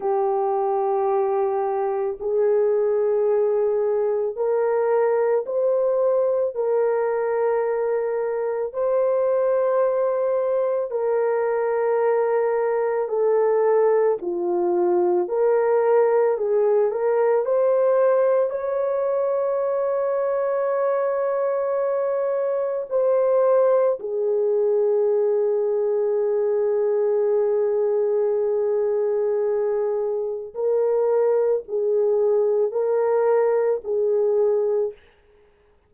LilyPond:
\new Staff \with { instrumentName = "horn" } { \time 4/4 \tempo 4 = 55 g'2 gis'2 | ais'4 c''4 ais'2 | c''2 ais'2 | a'4 f'4 ais'4 gis'8 ais'8 |
c''4 cis''2.~ | cis''4 c''4 gis'2~ | gis'1 | ais'4 gis'4 ais'4 gis'4 | }